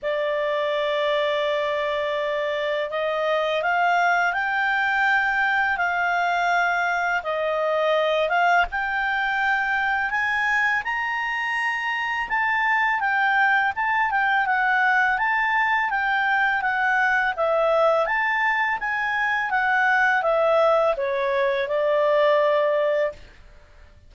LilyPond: \new Staff \with { instrumentName = "clarinet" } { \time 4/4 \tempo 4 = 83 d''1 | dis''4 f''4 g''2 | f''2 dis''4. f''8 | g''2 gis''4 ais''4~ |
ais''4 a''4 g''4 a''8 g''8 | fis''4 a''4 g''4 fis''4 | e''4 a''4 gis''4 fis''4 | e''4 cis''4 d''2 | }